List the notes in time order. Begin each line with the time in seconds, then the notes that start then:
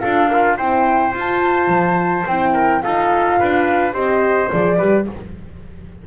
0.00 D4 F4 A4 F5
0.27 F4 A#4
0.57 C4 E4 C5 G5
1.14 F4 A5
1.68 F3
2.27 C4 E4 G5
2.54 A#4
2.82 D#4 F4 A4 F5
3.39 D4 B4
3.93 C4 G4 C5 D#5
4.51 F3 G#4 D5
4.77 G3 G4 B4